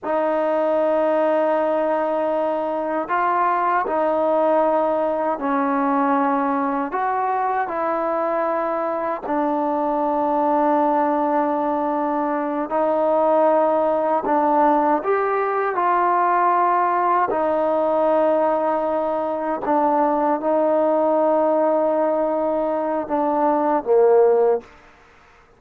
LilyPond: \new Staff \with { instrumentName = "trombone" } { \time 4/4 \tempo 4 = 78 dis'1 | f'4 dis'2 cis'4~ | cis'4 fis'4 e'2 | d'1~ |
d'8 dis'2 d'4 g'8~ | g'8 f'2 dis'4.~ | dis'4. d'4 dis'4.~ | dis'2 d'4 ais4 | }